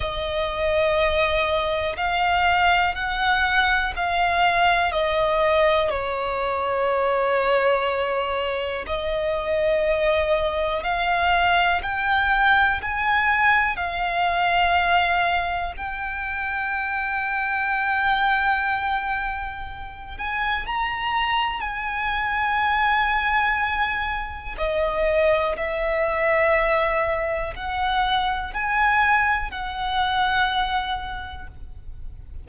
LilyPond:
\new Staff \with { instrumentName = "violin" } { \time 4/4 \tempo 4 = 61 dis''2 f''4 fis''4 | f''4 dis''4 cis''2~ | cis''4 dis''2 f''4 | g''4 gis''4 f''2 |
g''1~ | g''8 gis''8 ais''4 gis''2~ | gis''4 dis''4 e''2 | fis''4 gis''4 fis''2 | }